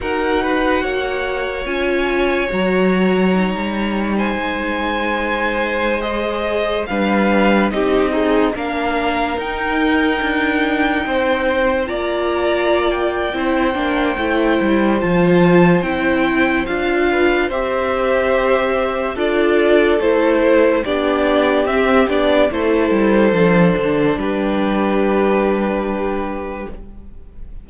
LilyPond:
<<
  \new Staff \with { instrumentName = "violin" } { \time 4/4 \tempo 4 = 72 fis''2 gis''4 ais''4~ | ais''4 gis''2~ gis''16 dis''8.~ | dis''16 f''4 dis''4 f''4 g''8.~ | g''2~ g''16 ais''4~ ais''16 g''8~ |
g''2 a''4 g''4 | f''4 e''2 d''4 | c''4 d''4 e''8 d''8 c''4~ | c''4 b'2. | }
  \new Staff \with { instrumentName = "violin" } { \time 4/4 ais'8 b'8 cis''2.~ | cis''4 c''2.~ | c''16 b'4 g'8 dis'8 ais'4.~ ais'16~ | ais'4~ ais'16 c''4 d''4.~ d''16 |
c''1~ | c''8 b'8 c''2 a'4~ | a'4 g'2 a'4~ | a'4 g'2. | }
  \new Staff \with { instrumentName = "viola" } { \time 4/4 fis'2 f'4 fis'4 | dis'2.~ dis'16 gis'8.~ | gis'16 d'4 dis'8 gis'8 d'4 dis'8.~ | dis'2~ dis'16 f'4.~ f'16 |
e'8 d'8 e'4 f'4 e'4 | f'4 g'2 f'4 | e'4 d'4 c'8 d'8 e'4 | d'1 | }
  \new Staff \with { instrumentName = "cello" } { \time 4/4 dis'4 ais4 cis'4 fis4~ | fis16 g4 gis2~ gis8.~ | gis16 g4 c'4 ais4 dis'8.~ | dis'16 d'4 c'4 ais4.~ ais16 |
c'8 ais8 a8 g8 f4 c'4 | d'4 c'2 d'4 | a4 b4 c'8 b8 a8 g8 | f8 d8 g2. | }
>>